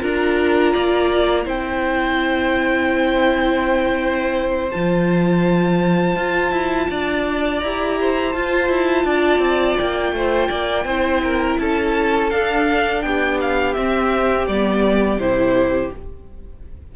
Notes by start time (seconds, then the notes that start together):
0.00 D4 F4 A#4 A#5
0.73 A#3 D5
1.44 C4 E4 C5 G5
4.71 F3 F4 A5
6.16 F4
6.51 E4
6.90 D4 D5
7.60 E4 G4 A#5
8.00 C5
8.32 F4 A5
8.69 E4
9.04 D4 D5
9.38 C4
9.77 A#3 G5
10.12 A3 C5
10.48 A#3 D5
10.84 C4 E4 C5
11.24 A#4
11.59 C#4 A4 A5
12.30 D4 F5
13.02 B3 G4 G5
13.41 F5
13.73 C4 E5
14.47 G3 B3 D5
15.17 C3 E4 C5